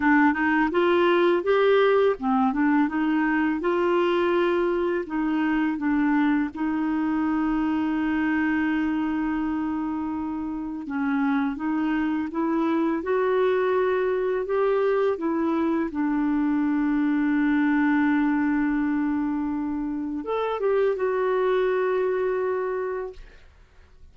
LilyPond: \new Staff \with { instrumentName = "clarinet" } { \time 4/4 \tempo 4 = 83 d'8 dis'8 f'4 g'4 c'8 d'8 | dis'4 f'2 dis'4 | d'4 dis'2.~ | dis'2. cis'4 |
dis'4 e'4 fis'2 | g'4 e'4 d'2~ | d'1 | a'8 g'8 fis'2. | }